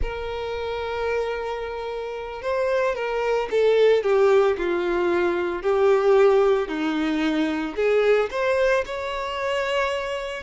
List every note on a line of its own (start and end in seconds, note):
0.01 2.41 A#4
2.41 2.95 C5
2.95 3.48 A#4
3.51 4.03 A4
4.03 4.56 G4
4.57 5.62 F4
5.62 6.68 G4
6.68 7.75 D#4
7.76 8.29 G#4
8.30 8.84 C5
8.85 10.43 C#5